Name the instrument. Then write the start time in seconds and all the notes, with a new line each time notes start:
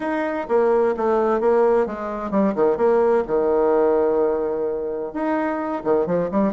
bassoon
0.00 D#4
0.48 A#3
0.96 A3
1.40 A#3
1.86 G#3
2.30 G3
2.55 D#3
2.77 A#3
3.27 D#3
5.13 D#4
5.84 D#3
6.06 F3
6.31 G3